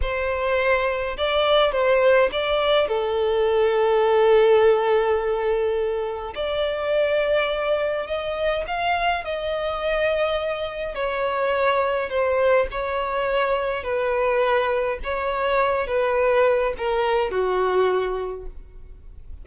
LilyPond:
\new Staff \with { instrumentName = "violin" } { \time 4/4 \tempo 4 = 104 c''2 d''4 c''4 | d''4 a'2.~ | a'2. d''4~ | d''2 dis''4 f''4 |
dis''2. cis''4~ | cis''4 c''4 cis''2 | b'2 cis''4. b'8~ | b'4 ais'4 fis'2 | }